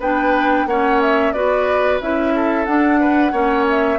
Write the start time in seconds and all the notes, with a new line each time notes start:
0.00 B3 D4 B4 G5
0.66 A#3 C#4 C#5 F#5
1.02 E5
1.32 B3 F#4 B4 D5
2.01 C#4 E4 E5
2.35 A4
2.65 D4 F#5
3.00 B4
3.32 A#3 C#4 C#5
3.69 E5